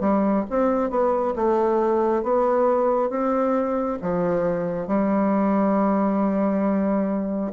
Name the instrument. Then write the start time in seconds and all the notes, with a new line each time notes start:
bassoon
0.00 G3
0.50 C4
0.90 B3
1.36 A3
2.23 B3
3.10 C4
4.02 F3
4.87 G3